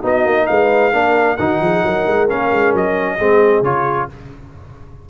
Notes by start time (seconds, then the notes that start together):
0.00 B3 D#4 F#4
0.06 D#5
0.26 A#3
0.47 G#3 B4 F5
0.93 A#3 D4 A#4
1.37 D#3 D#4 F#4 F#5
1.61 F3 G#4
1.84 F#3 A#4
2.08 G#3
2.29 A#3 C#4 F5
2.52 G#3
2.74 F#3 D#5
3.18 G#3 C4 G#4
3.62 C#3 F4 C#5